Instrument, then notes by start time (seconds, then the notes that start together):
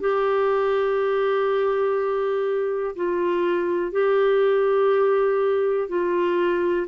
clarinet
0.00 G4
2.96 F4
3.92 G4
5.88 F4